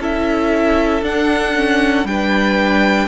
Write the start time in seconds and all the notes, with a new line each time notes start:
0.00 C#4 E4 A4 E5
1.02 D4 F#5
1.56 C#4
2.05 G3 D4 B4 G5